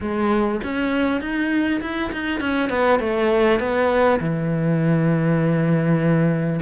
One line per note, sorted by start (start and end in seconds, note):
0.01 0.61 G#3
0.63 1.20 C#4
1.20 1.80 D#4
1.81 2.11 E4
2.12 2.40 D#4
2.40 2.69 C#4
2.69 2.99 B3
2.99 3.59 A3
3.59 4.19 B3
4.20 6.60 E3